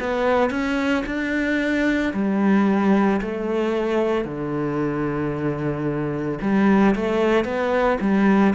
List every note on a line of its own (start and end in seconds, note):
0.00 0.50 B3
0.50 1.04 C#4
1.06 2.13 D4
2.13 3.20 G3
3.21 4.24 A3
4.24 6.38 D3
6.41 6.95 G3
6.95 7.45 A3
7.45 7.98 B3
8.01 8.54 G3